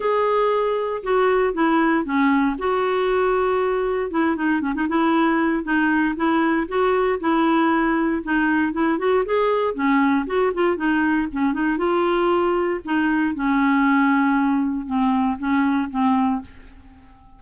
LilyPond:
\new Staff \with { instrumentName = "clarinet" } { \time 4/4 \tempo 4 = 117 gis'2 fis'4 e'4 | cis'4 fis'2. | e'8 dis'8 cis'16 dis'16 e'4. dis'4 | e'4 fis'4 e'2 |
dis'4 e'8 fis'8 gis'4 cis'4 | fis'8 f'8 dis'4 cis'8 dis'8 f'4~ | f'4 dis'4 cis'2~ | cis'4 c'4 cis'4 c'4 | }